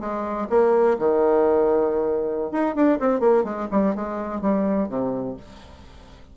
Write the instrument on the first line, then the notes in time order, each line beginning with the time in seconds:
bassoon
0.00 G#3
0.50 A#3
0.99 D#3
2.52 D#4
2.75 D4
3.00 C4
3.20 A#3
3.44 G#3
3.71 G3
3.95 G#3
4.41 G3
4.89 C3